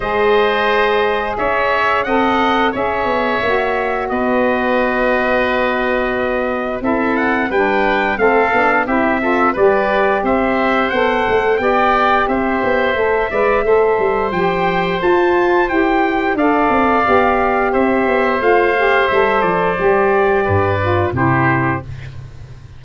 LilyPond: <<
  \new Staff \with { instrumentName = "trumpet" } { \time 4/4 \tempo 4 = 88 dis''2 e''4 fis''4 | e''2 dis''2~ | dis''2 e''8 fis''8 g''4 | f''4 e''4 d''4 e''4 |
fis''4 g''4 e''2~ | e''4 g''4 a''4 g''4 | f''2 e''4 f''4 | e''8 d''2~ d''8 c''4 | }
  \new Staff \with { instrumentName = "oboe" } { \time 4/4 c''2 cis''4 dis''4 | cis''2 b'2~ | b'2 a'4 b'4 | a'4 g'8 a'8 b'4 c''4~ |
c''4 d''4 c''4. d''8 | c''1 | d''2 c''2~ | c''2 b'4 g'4 | }
  \new Staff \with { instrumentName = "saxophone" } { \time 4/4 gis'2. a'4 | gis'4 fis'2.~ | fis'2 e'4 d'4 | c'8 d'8 e'8 f'8 g'2 |
a'4 g'2 a'8 b'8 | a'4 g'4 f'4 g'4 | a'4 g'2 f'8 g'8 | a'4 g'4. f'8 e'4 | }
  \new Staff \with { instrumentName = "tuba" } { \time 4/4 gis2 cis'4 c'4 | cis'8 b8 ais4 b2~ | b2 c'4 g4 | a8 b8 c'4 g4 c'4 |
b8 a8 b4 c'8 b8 a8 gis8 | a8 g8 f4 f'4 e'4 | d'8 c'8 b4 c'8 b8 a4 | g8 f8 g4 g,4 c4 | }
>>